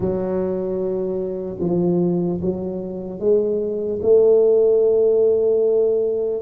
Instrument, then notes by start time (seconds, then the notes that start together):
tuba
0.00 F#3
1.60 F3
2.41 F#3
3.19 G#3
4.02 A3